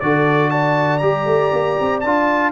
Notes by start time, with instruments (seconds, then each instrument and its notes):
0.00 tuba D3, trombone F#4, horn A4, trumpet D5
0.50 horn D5, trumpet A5
0.98 tuba G3, trombone G4, trumpet A#5
1.25 tuba A3
1.52 tuba A#3
1.80 tuba C4
2.00 tuba D4, trombone F4, trumpet A5